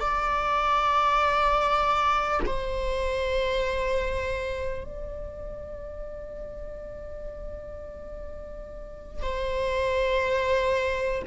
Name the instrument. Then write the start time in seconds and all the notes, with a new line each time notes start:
viola
0.00 D5
2.46 C5
4.84 D5
9.23 C5